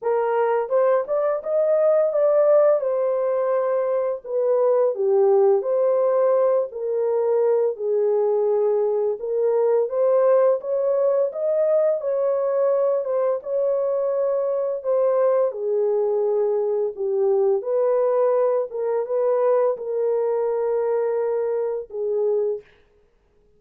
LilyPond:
\new Staff \with { instrumentName = "horn" } { \time 4/4 \tempo 4 = 85 ais'4 c''8 d''8 dis''4 d''4 | c''2 b'4 g'4 | c''4. ais'4. gis'4~ | gis'4 ais'4 c''4 cis''4 |
dis''4 cis''4. c''8 cis''4~ | cis''4 c''4 gis'2 | g'4 b'4. ais'8 b'4 | ais'2. gis'4 | }